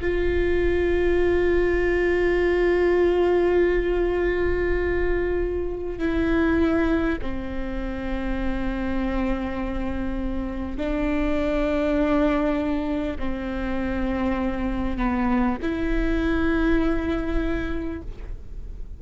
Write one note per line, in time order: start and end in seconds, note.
0.00 5.98 F4
5.98 7.18 E4
7.21 10.77 C4
10.77 13.17 D4
13.18 14.97 C4
14.97 15.57 B3
15.62 18.02 E4